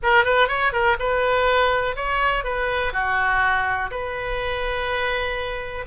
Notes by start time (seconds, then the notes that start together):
0.02 A#4
0.24 B4
0.48 C#5
0.72 A#4
0.99 B4
1.96 C#5
2.44 B4
2.92 F#4
3.90 B4